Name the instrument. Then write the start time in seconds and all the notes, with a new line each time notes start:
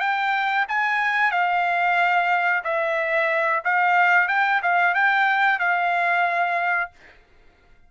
trumpet
0.00 G5
0.69 G#5
1.32 F5
2.64 E5
3.65 F5
4.29 G5
4.63 F5
4.95 G5
5.60 F5